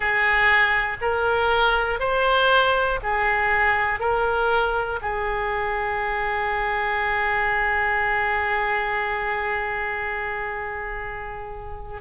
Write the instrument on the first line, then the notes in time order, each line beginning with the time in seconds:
oboe
0.00 G#4
1.00 A#4
2.00 C5
3.03 G#4
3.99 A#4
5.01 G#4